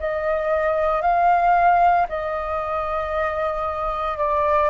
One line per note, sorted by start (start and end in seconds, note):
0.00 1.02 D#5
1.02 2.07 F5
2.09 4.18 D#5
4.18 4.70 D5